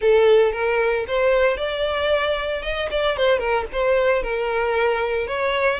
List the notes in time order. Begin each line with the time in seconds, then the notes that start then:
0.01 A4
0.52 A#4
1.07 C5
1.57 D5
2.62 D#5
2.90 D5
3.16 C5
3.39 A#4
3.72 C5
4.22 A#4
5.27 C#5